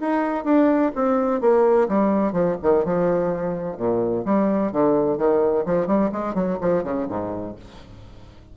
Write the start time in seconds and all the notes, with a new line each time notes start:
0.00 D#4
0.44 D4
0.95 C4
1.41 A#3
1.88 G3
2.32 F3
2.63 D#3
2.85 F3
3.77 A#2
4.25 G3
4.72 D3
5.18 D#3
5.65 F3
5.87 G3
6.12 G#3
6.35 F#3
6.61 F3
6.84 C#3
7.08 G#2